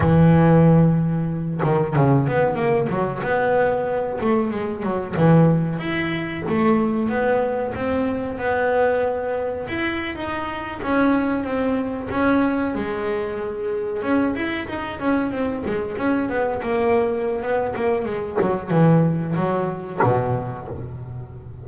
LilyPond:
\new Staff \with { instrumentName = "double bass" } { \time 4/4 \tempo 4 = 93 e2~ e8 dis8 cis8 b8 | ais8 fis8 b4. a8 gis8 fis8 | e4 e'4 a4 b4 | c'4 b2 e'8. dis'16~ |
dis'8. cis'4 c'4 cis'4 gis16~ | gis4.~ gis16 cis'8 e'8 dis'8 cis'8 c'16~ | c'16 gis8 cis'8 b8 ais4~ ais16 b8 ais8 | gis8 fis8 e4 fis4 b,4 | }